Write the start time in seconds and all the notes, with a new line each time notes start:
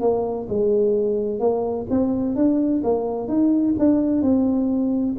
0.00 A#3
0.49 G#3
1.40 A#3
1.90 C4
2.36 D4
2.83 A#3
3.28 D#4
3.79 D4
4.22 C4